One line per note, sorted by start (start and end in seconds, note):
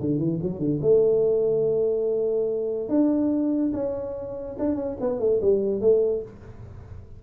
0.00 0.18 D3
0.18 0.38 E3
0.42 0.58 F#3
0.58 0.79 D3
0.81 2.89 A3
2.89 3.72 D4
3.73 4.56 C#4
4.59 4.75 D4
4.75 4.96 C#4
5.00 5.19 B3
5.19 5.40 A3
5.41 5.81 G3
5.81 6.22 A3